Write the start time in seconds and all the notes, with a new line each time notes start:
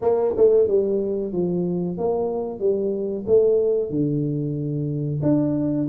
0.01 A#3
0.36 A3
0.67 G3
1.32 F3
1.97 A#3
2.59 G3
3.26 A3
3.90 D3
5.22 D4